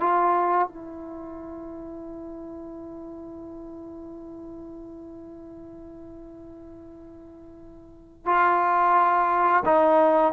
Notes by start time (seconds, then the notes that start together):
0.00 F4
0.68 E4
8.26 F4
9.66 D#4